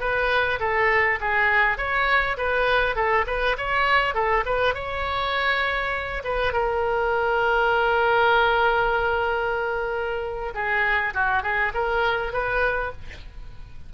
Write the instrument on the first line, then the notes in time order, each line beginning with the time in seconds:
oboe
0.00 B4
0.60 A4
1.21 G#4
1.78 C#5
2.37 B4
2.96 A4
3.27 B4
3.58 C#5
4.14 A4
4.46 B4
4.74 C#5
6.24 B4
6.53 A#4
10.54 G#4
11.14 F#4
11.43 G#4
11.74 A#4
12.33 B4